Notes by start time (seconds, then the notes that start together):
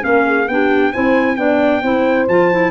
0.00 A#3 C#4 A#4 F5
0.26 G#4
0.48 B3 D4 G4 G5
0.92 C4 E4 C5 G#5
1.35 B3 D4 D5 G5
1.82 C4 E4 C5
2.28 F3 F4 A5
2.52 E4